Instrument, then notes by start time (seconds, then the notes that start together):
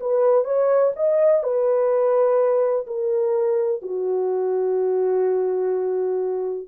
horn
0.00 B4
0.44 C#5
0.96 D#5
1.43 B4
2.87 A#4
3.82 F#4